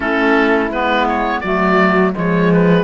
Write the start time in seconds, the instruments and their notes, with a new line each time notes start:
0.00 cello A3, clarinet C#4, horn E4, oboe A4
0.68 cello G#3, clarinet B3, oboe B4
1.07 oboe C#5
1.40 cello F#3, clarinet A3, horn F#4, oboe D5
2.13 cello F3, clarinet G#3, horn G#4, oboe C#5
2.53 oboe B4